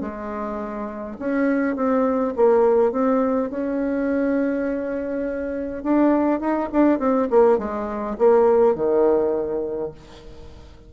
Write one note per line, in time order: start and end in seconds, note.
0.00 1.17 G#3
1.19 1.75 C#4
1.75 2.34 C4
2.36 2.92 A#3
2.92 3.50 C4
3.50 5.83 C#4
5.83 6.40 D4
6.40 6.69 D#4
6.72 6.98 D4
6.98 7.28 C4
7.30 7.58 A#3
7.58 8.16 G#3
8.18 8.75 A#3
8.75 9.91 D#3